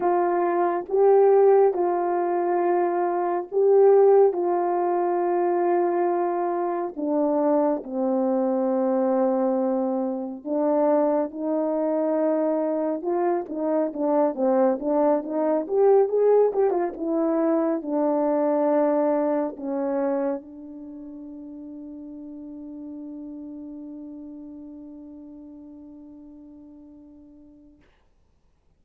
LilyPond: \new Staff \with { instrumentName = "horn" } { \time 4/4 \tempo 4 = 69 f'4 g'4 f'2 | g'4 f'2. | d'4 c'2. | d'4 dis'2 f'8 dis'8 |
d'8 c'8 d'8 dis'8 g'8 gis'8 g'16 f'16 e'8~ | e'8 d'2 cis'4 d'8~ | d'1~ | d'1 | }